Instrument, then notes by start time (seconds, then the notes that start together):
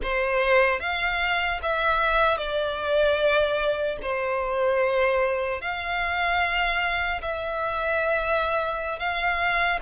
violin
0.03 C5
0.80 F5
1.62 E5
2.37 D5
4.02 C5
5.61 F5
7.21 E5
8.99 F5